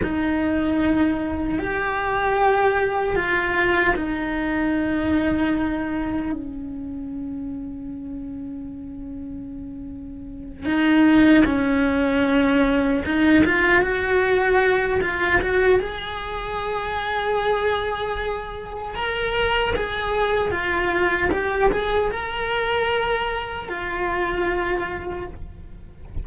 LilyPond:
\new Staff \with { instrumentName = "cello" } { \time 4/4 \tempo 4 = 76 dis'2 g'2 | f'4 dis'2. | cis'1~ | cis'4. dis'4 cis'4.~ |
cis'8 dis'8 f'8 fis'4. f'8 fis'8 | gis'1 | ais'4 gis'4 f'4 g'8 gis'8 | ais'2 f'2 | }